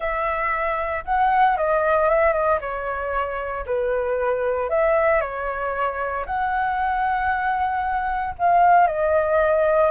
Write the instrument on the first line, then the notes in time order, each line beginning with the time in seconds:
flute
0.00 E5
1.04 F#5
1.57 D#5
2.09 E5
2.32 D#5
2.60 C#5
3.66 B4
4.69 E5
5.21 C#5
6.26 F#5
8.38 F5
8.87 D#5